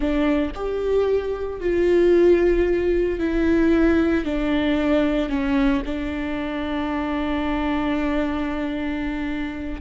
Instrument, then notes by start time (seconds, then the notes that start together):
viola
0.00 D4
0.54 G4
1.60 F4
3.19 E4
4.24 D4
5.29 C#4
5.85 D4